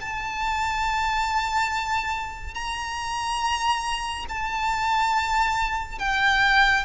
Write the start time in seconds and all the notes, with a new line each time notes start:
0.00 A5
2.54 A#5
4.29 A5
5.99 G5